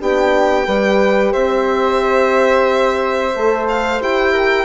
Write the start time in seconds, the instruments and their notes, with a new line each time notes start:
0.00 bassoon B3, horn D4, flute G4, violin G5
0.66 bassoon G3, horn G4, flute B4
1.33 bassoon C4, flute C5, violin E5
3.35 bassoon A3, horn A4
3.69 violin F5
4.00 bassoon E4, horn G4, violin G5
4.33 flute A#4